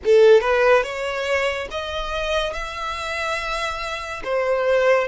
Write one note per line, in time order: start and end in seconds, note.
0.04 0.40 A4
0.40 0.83 B4
0.83 1.67 C#5
1.70 2.53 D#5
2.53 4.22 E5
4.24 5.07 C5